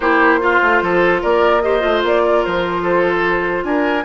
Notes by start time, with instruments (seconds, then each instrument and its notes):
0.00 bassoon A#3, clarinet E4, oboe G4, flute C5
0.40 clarinet F4, oboe F4
0.62 bassoon A3
0.81 bassoon F3, oboe A4
1.21 bassoon A#3, oboe A#4, flute D5
1.61 clarinet G4, oboe C5, flute D#5
1.80 bassoon A3, clarinet F4
2.03 bassoon A#3, flute D5
2.22 oboe A#4
2.44 bassoon F3, flute C5
2.82 oboe A4
3.63 bassoon D4, oboe A#4, flute G#5